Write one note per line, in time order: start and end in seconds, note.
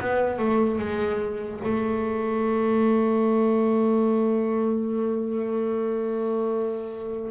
0.00 0.38 B3
0.38 0.79 A3
0.79 1.60 G#3
1.64 7.31 A3